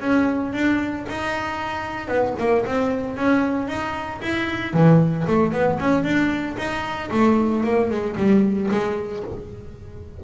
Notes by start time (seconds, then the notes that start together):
0.00 C#4
0.53 D4
1.08 D#4
2.07 B3
2.39 A#3
2.66 C4
3.16 C#4
3.67 D#4
4.21 E4
4.73 E3
5.27 A3
5.52 B3
5.79 C#4
6.03 D4
6.57 D#4
7.11 A3
7.64 A#3
7.90 G#3
8.16 G3
8.71 G#3